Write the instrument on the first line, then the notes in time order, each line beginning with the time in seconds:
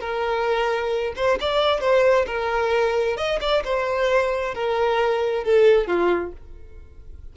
violin
0.00 A#4
1.16 C5
1.40 D5
1.80 C5
2.26 A#4
3.16 D#5
3.40 D5
3.64 C5
4.54 A#4
5.43 A4
5.87 F4